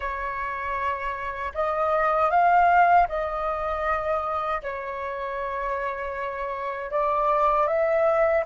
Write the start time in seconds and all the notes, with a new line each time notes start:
0.00 C#5
1.54 D#5
2.30 F5
3.08 D#5
4.62 C#5
6.90 D5
7.67 E5